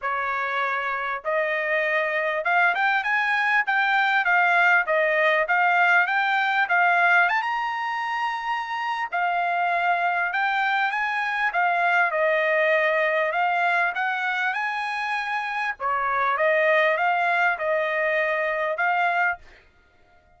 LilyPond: \new Staff \with { instrumentName = "trumpet" } { \time 4/4 \tempo 4 = 99 cis''2 dis''2 | f''8 g''8 gis''4 g''4 f''4 | dis''4 f''4 g''4 f''4 | a''16 ais''2~ ais''8. f''4~ |
f''4 g''4 gis''4 f''4 | dis''2 f''4 fis''4 | gis''2 cis''4 dis''4 | f''4 dis''2 f''4 | }